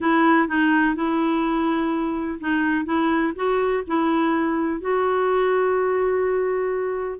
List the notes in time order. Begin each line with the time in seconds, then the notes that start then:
0.00 E4
0.48 D#4
0.95 E4
2.40 D#4
2.85 E4
3.35 F#4
3.87 E4
4.80 F#4